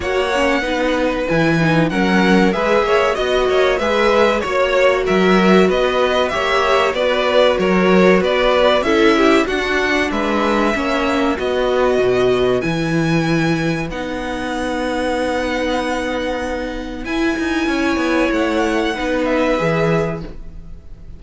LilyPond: <<
  \new Staff \with { instrumentName = "violin" } { \time 4/4 \tempo 4 = 95 fis''2 gis''4 fis''4 | e''4 dis''4 e''4 cis''4 | e''4 dis''4 e''4 d''4 | cis''4 d''4 e''4 fis''4 |
e''2 dis''2 | gis''2 fis''2~ | fis''2. gis''4~ | gis''4 fis''4. e''4. | }
  \new Staff \with { instrumentName = "violin" } { \time 4/4 cis''4 b'2 ais'4 | b'8 cis''8 dis''8 cis''8 b'4 cis''4 | ais'4 b'4 cis''4 b'4 | ais'4 b'4 a'8 g'8 fis'4 |
b'4 cis''4 b'2~ | b'1~ | b'1 | cis''2 b'2 | }
  \new Staff \with { instrumentName = "viola" } { \time 4/4 fis'8 cis'8 dis'4 e'8 dis'8 cis'4 | gis'4 fis'4 gis'4 fis'4~ | fis'2 g'4 fis'4~ | fis'2 e'4 d'4~ |
d'4 cis'4 fis'2 | e'2 dis'2~ | dis'2. e'4~ | e'2 dis'4 gis'4 | }
  \new Staff \with { instrumentName = "cello" } { \time 4/4 ais4 b4 e4 fis4 | gis8 ais8 b8 ais8 gis4 ais4 | fis4 b4 ais4 b4 | fis4 b4 cis'4 d'4 |
gis4 ais4 b4 b,4 | e2 b2~ | b2. e'8 dis'8 | cis'8 b8 a4 b4 e4 | }
>>